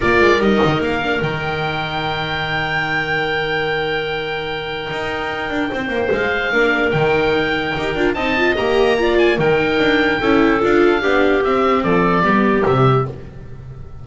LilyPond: <<
  \new Staff \with { instrumentName = "oboe" } { \time 4/4 \tempo 4 = 147 d''4 dis''4 f''4 g''4~ | g''1~ | g''1~ | g''2. f''4~ |
f''4 g''2. | a''4 ais''4. gis''8 g''4~ | g''2 f''2 | e''4 d''2 e''4 | }
  \new Staff \with { instrumentName = "clarinet" } { \time 4/4 ais'1~ | ais'1~ | ais'1~ | ais'2 c''2 |
ais'1 | dis''2 d''4 ais'4~ | ais'4 a'2 g'4~ | g'4 a'4 g'2 | }
  \new Staff \with { instrumentName = "viola" } { \time 4/4 f'4 dis'4. d'8 dis'4~ | dis'1~ | dis'1~ | dis'1 |
d'4 dis'2 g'8 f'8 | dis'8 f'8 g'4 f'4 dis'4~ | dis'4 e'4 f'4 d'4 | c'2 b4 g4 | }
  \new Staff \with { instrumentName = "double bass" } { \time 4/4 ais8 gis8 g8 dis8 ais4 dis4~ | dis1~ | dis1 | dis'4. d'8 c'8 ais8 gis4 |
ais4 dis2 dis'8 d'8 | c'4 ais2 dis4 | d'4 cis'4 d'4 b4 | c'4 f4 g4 c4 | }
>>